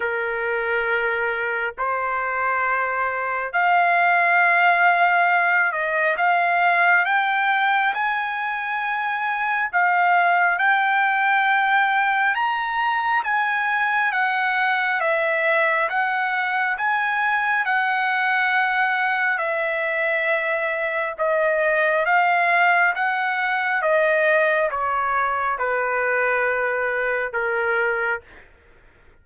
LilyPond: \new Staff \with { instrumentName = "trumpet" } { \time 4/4 \tempo 4 = 68 ais'2 c''2 | f''2~ f''8 dis''8 f''4 | g''4 gis''2 f''4 | g''2 ais''4 gis''4 |
fis''4 e''4 fis''4 gis''4 | fis''2 e''2 | dis''4 f''4 fis''4 dis''4 | cis''4 b'2 ais'4 | }